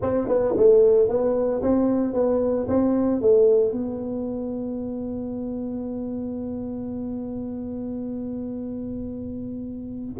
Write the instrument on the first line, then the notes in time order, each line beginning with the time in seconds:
tuba
0.02 C4
0.28 B3
0.56 A3
1.08 B3
1.62 C4
2.13 B3
2.67 C4
3.21 A3
3.72 B3